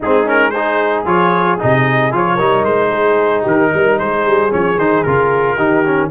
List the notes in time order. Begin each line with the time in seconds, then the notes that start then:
0.00 G#3 C4 D#4 G#4
0.25 C#4 A#4
0.50 D#4 G#4 C5
1.05 F3 F4 C#5
1.58 C3 D#4 D#5
2.11 F3 F4 C#5
2.35 G3 D#4 A#4
2.63 G#3 C5
2.90 G#4
3.43 D#3 G4 A#4
3.73 G3 A#4
3.98 G#3 G#4 C5
4.26 G3
4.50 F3 C#4 C#5
4.76 D#3 D#4 C5
5.03 C#3 F4 A#4
5.55 D#3 D#4 G4
5.85 C#4